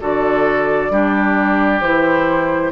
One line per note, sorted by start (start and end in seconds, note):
0.00 0.90 D3
0.00 0.90 F#4
0.00 0.91 A4
0.00 1.80 D5
0.90 1.80 G3
0.90 1.81 D4
0.90 2.72 G4
1.80 2.71 E3
1.80 2.72 E4
1.80 2.71 C5